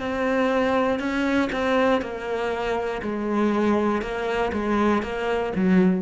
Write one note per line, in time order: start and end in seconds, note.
0.00 1.00 C4
1.00 1.50 C#4
1.52 2.01 C4
2.01 3.01 A#3
3.03 4.02 G#3
4.02 4.52 A#3
4.53 5.03 G#3
5.03 5.53 A#3
5.55 6.02 F#3